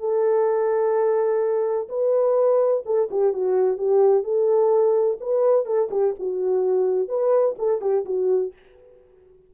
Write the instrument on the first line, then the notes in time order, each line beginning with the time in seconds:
horn
0.00 A4
1.89 B4
2.86 A4
3.11 G4
3.34 F#4
3.78 G4
4.24 A4
5.21 B4
5.66 A4
5.92 G4
6.20 F#4
7.09 B4
7.59 A4
7.82 G4
8.06 F#4